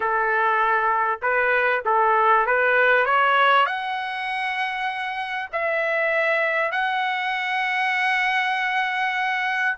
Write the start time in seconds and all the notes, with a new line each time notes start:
0.00 A4
1.22 B4
1.85 A4
2.46 B4
3.05 C#5
3.66 F#5
5.52 E5
6.71 F#5